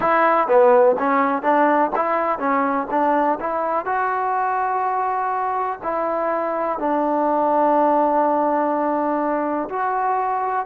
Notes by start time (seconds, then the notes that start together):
0.00 E4
0.47 B3
0.99 C#4
1.42 D4
1.95 E4
2.38 C#4
2.90 D4
3.40 E4
3.85 F#4
5.83 E4
6.78 D4
9.69 F#4